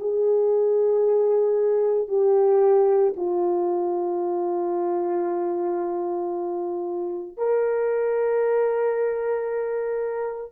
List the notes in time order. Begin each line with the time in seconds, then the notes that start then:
0.00 G#4
2.09 G4
3.17 F4
7.38 A#4